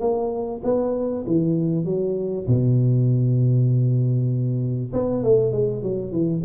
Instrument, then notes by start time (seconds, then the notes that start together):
tuba
0.00 A#3
0.64 B3
1.26 E3
1.85 F#3
2.47 B2
4.93 B3
5.23 A3
5.52 G#3
5.82 F#3
6.11 E3